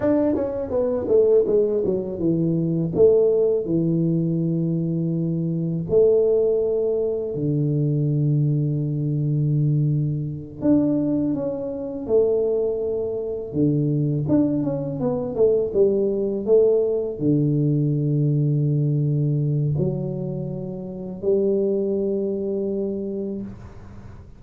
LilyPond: \new Staff \with { instrumentName = "tuba" } { \time 4/4 \tempo 4 = 82 d'8 cis'8 b8 a8 gis8 fis8 e4 | a4 e2. | a2 d2~ | d2~ d8 d'4 cis'8~ |
cis'8 a2 d4 d'8 | cis'8 b8 a8 g4 a4 d8~ | d2. fis4~ | fis4 g2. | }